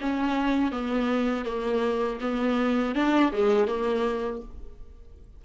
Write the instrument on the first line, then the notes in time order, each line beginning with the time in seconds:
viola
0.00 C#4
0.71 B3
1.45 A#3
2.21 B3
2.95 D4
3.32 G#3
3.67 A#3